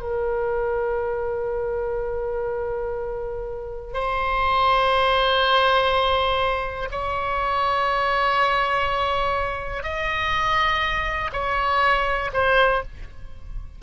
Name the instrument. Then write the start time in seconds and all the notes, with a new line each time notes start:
oboe
0.00 A#4
3.93 C5
6.91 C#5
9.83 D#5
11.32 C#5
12.33 C5